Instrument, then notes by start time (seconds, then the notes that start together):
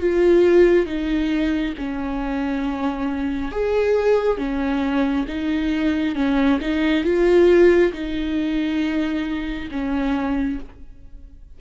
viola
0.00 F4
0.86 D#4
1.78 C#4
3.52 G#4
4.38 C#4
5.28 D#4
6.15 C#4
6.61 D#4
7.04 F4
7.93 D#4
9.71 C#4